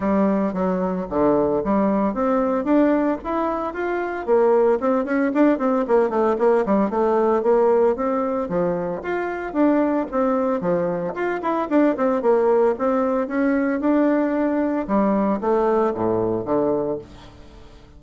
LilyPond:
\new Staff \with { instrumentName = "bassoon" } { \time 4/4 \tempo 4 = 113 g4 fis4 d4 g4 | c'4 d'4 e'4 f'4 | ais4 c'8 cis'8 d'8 c'8 ais8 a8 | ais8 g8 a4 ais4 c'4 |
f4 f'4 d'4 c'4 | f4 f'8 e'8 d'8 c'8 ais4 | c'4 cis'4 d'2 | g4 a4 a,4 d4 | }